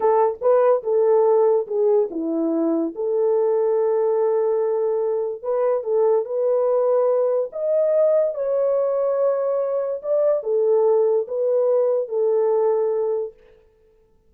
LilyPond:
\new Staff \with { instrumentName = "horn" } { \time 4/4 \tempo 4 = 144 a'4 b'4 a'2 | gis'4 e'2 a'4~ | a'1~ | a'4 b'4 a'4 b'4~ |
b'2 dis''2 | cis''1 | d''4 a'2 b'4~ | b'4 a'2. | }